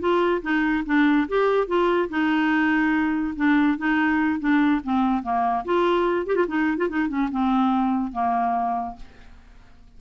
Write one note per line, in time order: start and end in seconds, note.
0.00 0.42 F4
0.42 0.84 D#4
0.86 1.28 D4
1.29 1.67 G4
1.67 2.09 F4
2.09 3.34 D#4
3.36 3.78 D4
3.78 4.40 D#4
4.40 4.81 D4
4.84 5.23 C4
5.23 5.65 A#3
5.65 6.27 F4
6.27 6.36 G4
6.36 6.46 F4
6.48 6.78 D#4
6.78 6.88 F4
6.89 7.09 D#4
7.09 7.29 C#4
7.31 8.13 C4
8.13 8.96 A#3